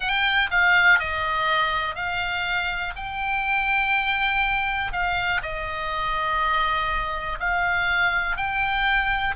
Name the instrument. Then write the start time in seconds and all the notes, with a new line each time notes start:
oboe
0.00 G5
0.50 F5
0.99 D#5
1.95 F5
2.96 G5
4.92 F5
5.42 D#5
7.39 F5
8.36 G5